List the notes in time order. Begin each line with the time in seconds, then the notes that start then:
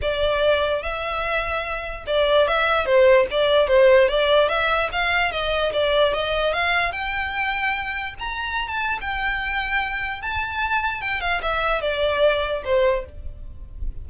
0.01 D5
0.82 E5
2.06 D5
2.47 E5
2.85 C5
3.30 D5
3.67 C5
4.08 D5
4.48 E5
4.92 F5
5.31 D#5
5.72 D5
6.13 D#5
6.53 F5
6.91 G5
8.19 A#5
8.68 A5
9.00 G5
10.21 A5
11.01 G5
11.20 F5
11.42 E5
11.81 D5
12.64 C5